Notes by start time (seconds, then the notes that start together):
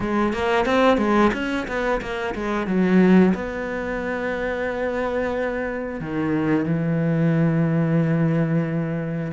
0.00 G#3
0.33 A#3
0.65 C4
0.97 G#3
1.33 C#4
1.67 B3
2.01 A#3
2.35 G#3
2.67 F#3
3.34 B3
6.00 D#3
6.65 E3